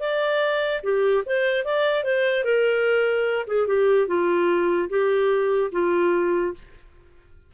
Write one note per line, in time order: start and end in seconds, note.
0.00 0.82 D5
0.83 1.24 G4
1.26 1.65 C5
1.65 2.04 D5
2.04 2.45 C5
2.45 3.47 A#4
3.47 3.67 G#4
3.67 4.08 G4
4.08 4.89 F4
4.89 5.71 G4
5.72 6.54 F4